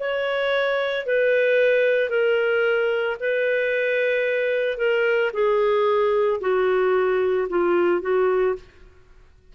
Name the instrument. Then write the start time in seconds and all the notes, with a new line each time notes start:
clarinet
0.00 C#5
1.06 B4
2.10 A#4
3.21 B4
4.78 A#4
5.34 G#4
6.41 F#4
7.50 F4
8.02 F#4